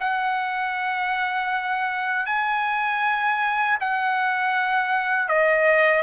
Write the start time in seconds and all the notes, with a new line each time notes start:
0.00 F#5
2.26 G#5
3.80 F#5
5.28 D#5